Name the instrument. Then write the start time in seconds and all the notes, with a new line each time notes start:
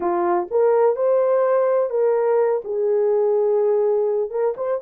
horn
0.00 F4
0.50 A#4
0.96 C5
1.90 A#4
2.64 G#4
4.30 A#4
4.56 C5